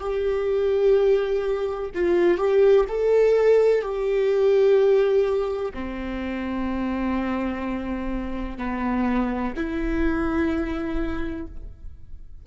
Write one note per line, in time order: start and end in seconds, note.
0.00 1.90 G4
1.95 2.38 F4
2.38 2.86 G4
2.89 3.82 A4
3.82 5.73 G4
5.74 8.58 C4
8.58 9.54 B3
9.57 11.47 E4